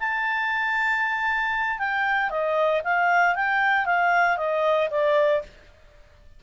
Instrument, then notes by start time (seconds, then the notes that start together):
clarinet
0.00 A5
1.79 G5
2.30 D#5
2.84 F5
3.35 G5
3.86 F5
4.37 D#5
4.91 D5